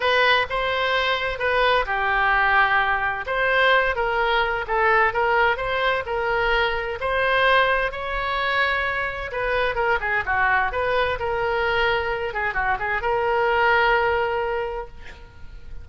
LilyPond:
\new Staff \with { instrumentName = "oboe" } { \time 4/4 \tempo 4 = 129 b'4 c''2 b'4 | g'2. c''4~ | c''8 ais'4. a'4 ais'4 | c''4 ais'2 c''4~ |
c''4 cis''2. | b'4 ais'8 gis'8 fis'4 b'4 | ais'2~ ais'8 gis'8 fis'8 gis'8 | ais'1 | }